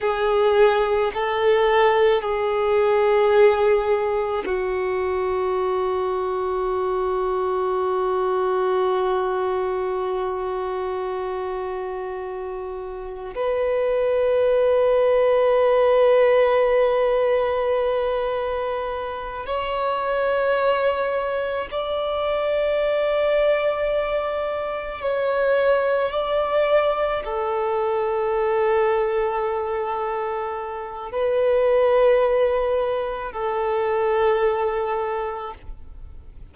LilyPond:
\new Staff \with { instrumentName = "violin" } { \time 4/4 \tempo 4 = 54 gis'4 a'4 gis'2 | fis'1~ | fis'1 | b'1~ |
b'4. cis''2 d''8~ | d''2~ d''8 cis''4 d''8~ | d''8 a'2.~ a'8 | b'2 a'2 | }